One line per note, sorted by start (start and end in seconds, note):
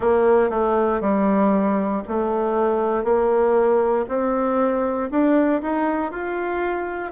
0.00 0.50 A#3
0.50 1.00 A3
1.00 2.02 G3
2.08 3.04 A3
3.04 4.05 A#3
4.08 5.09 C4
5.10 5.61 D4
5.62 6.11 D#4
6.11 7.11 F4